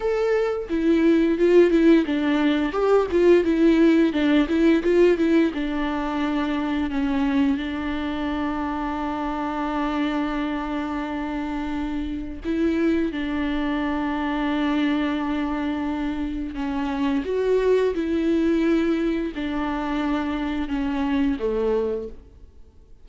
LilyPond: \new Staff \with { instrumentName = "viola" } { \time 4/4 \tempo 4 = 87 a'4 e'4 f'8 e'8 d'4 | g'8 f'8 e'4 d'8 e'8 f'8 e'8 | d'2 cis'4 d'4~ | d'1~ |
d'2 e'4 d'4~ | d'1 | cis'4 fis'4 e'2 | d'2 cis'4 a4 | }